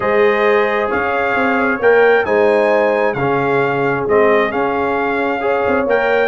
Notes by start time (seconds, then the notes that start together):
0.00 G#3 G#4 C5 D#5
0.89 C#4 C#5 F5
1.35 C4
1.79 A#3 A#4 G5
2.25 G#3 D#4 C5 G#5
3.13 C#3 C#4 G#4 F5
4.07 G#3 C4 D#5
4.50 C#4 F5
5.40 G#4 C#5
5.67 C4
5.86 A#3 A#4 G5